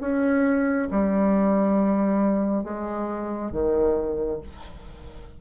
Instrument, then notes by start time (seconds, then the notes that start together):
bassoon
0.00 C#4
0.91 G3
2.63 G#3
3.51 D#3